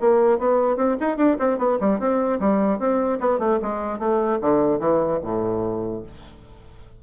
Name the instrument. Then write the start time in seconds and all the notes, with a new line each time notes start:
bassoon
0.00 A#3
0.38 B3
0.77 C4
1.00 D#4
1.17 D4
1.39 C4
1.58 B3
1.80 G3
1.99 C4
2.39 G3
2.79 C4
3.20 B3
3.39 A3
3.62 G#3
3.99 A3
4.41 D3
4.79 E3
5.22 A2